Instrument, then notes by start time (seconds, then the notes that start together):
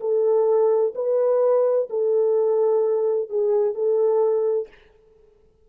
horn
0.00 A4
0.95 B4
1.90 A4
3.29 G#4
3.74 A4